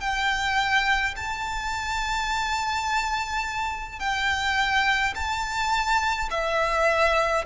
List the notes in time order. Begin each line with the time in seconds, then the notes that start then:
0.00 G5
1.16 A5
3.99 G5
5.14 A5
6.30 E5